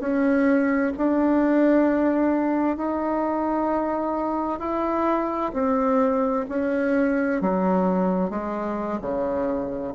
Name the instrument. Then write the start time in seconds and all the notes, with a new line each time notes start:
bassoon
0.00 C#4
0.97 D4
2.77 D#4
4.59 E4
5.53 C4
6.49 C#4
7.41 F#3
8.30 G#3
9.02 C#3